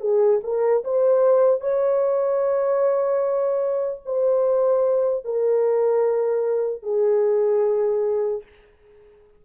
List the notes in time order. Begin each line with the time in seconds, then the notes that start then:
0.00 G#4
0.43 A#4
0.84 C5
1.60 C#5
4.05 C5
5.24 A#4
6.83 G#4